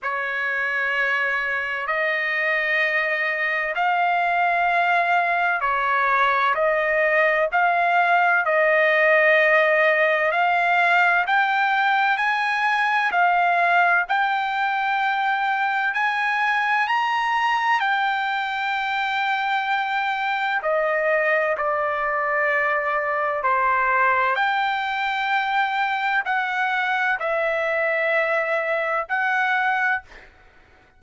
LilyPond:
\new Staff \with { instrumentName = "trumpet" } { \time 4/4 \tempo 4 = 64 cis''2 dis''2 | f''2 cis''4 dis''4 | f''4 dis''2 f''4 | g''4 gis''4 f''4 g''4~ |
g''4 gis''4 ais''4 g''4~ | g''2 dis''4 d''4~ | d''4 c''4 g''2 | fis''4 e''2 fis''4 | }